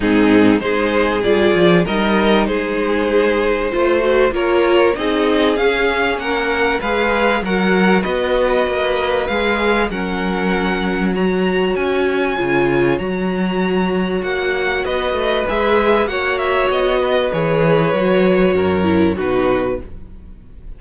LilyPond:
<<
  \new Staff \with { instrumentName = "violin" } { \time 4/4 \tempo 4 = 97 gis'4 c''4 d''4 dis''4 | c''2. cis''4 | dis''4 f''4 fis''4 f''4 | fis''4 dis''2 f''4 |
fis''2 ais''4 gis''4~ | gis''4 ais''2 fis''4 | dis''4 e''4 fis''8 e''8 dis''4 | cis''2. b'4 | }
  \new Staff \with { instrumentName = "violin" } { \time 4/4 dis'4 gis'2 ais'4 | gis'2 c''4 ais'4 | gis'2 ais'4 b'4 | ais'4 b'2. |
ais'2 cis''2~ | cis''1 | b'2 cis''4. b'8~ | b'2 ais'4 fis'4 | }
  \new Staff \with { instrumentName = "viola" } { \time 4/4 c'4 dis'4 f'4 dis'4~ | dis'2 f'8 fis'8 f'4 | dis'4 cis'2 gis'4 | fis'2. gis'4 |
cis'2 fis'2 | f'4 fis'2.~ | fis'4 gis'4 fis'2 | gis'4 fis'4. e'8 dis'4 | }
  \new Staff \with { instrumentName = "cello" } { \time 4/4 gis,4 gis4 g8 f8 g4 | gis2 a4 ais4 | c'4 cis'4 ais4 gis4 | fis4 b4 ais4 gis4 |
fis2. cis'4 | cis4 fis2 ais4 | b8 a8 gis4 ais4 b4 | e4 fis4 fis,4 b,4 | }
>>